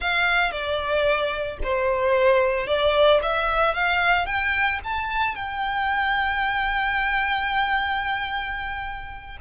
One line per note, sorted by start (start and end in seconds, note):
0.00 0.51 F5
0.51 1.58 D5
1.63 2.66 C5
2.66 3.20 D5
3.22 3.74 E5
3.74 4.26 F5
4.26 4.79 G5
4.84 5.35 A5
5.35 9.37 G5